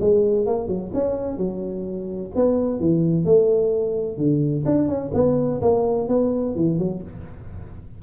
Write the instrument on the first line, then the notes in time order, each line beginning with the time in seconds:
tuba
0.00 G#3
0.46 A#3
0.68 F#3
0.94 C#4
1.38 F#3
2.35 B3
2.80 E3
3.25 A3
4.17 D3
4.66 D4
4.88 C#4
5.14 B3
5.61 A#3
6.08 B3
6.55 E3
6.79 F#3